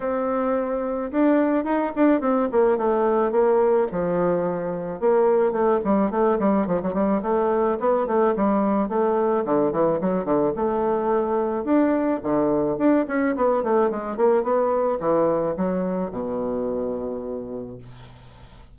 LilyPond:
\new Staff \with { instrumentName = "bassoon" } { \time 4/4 \tempo 4 = 108 c'2 d'4 dis'8 d'8 | c'8 ais8 a4 ais4 f4~ | f4 ais4 a8 g8 a8 g8 | f16 fis16 g8 a4 b8 a8 g4 |
a4 d8 e8 fis8 d8 a4~ | a4 d'4 d4 d'8 cis'8 | b8 a8 gis8 ais8 b4 e4 | fis4 b,2. | }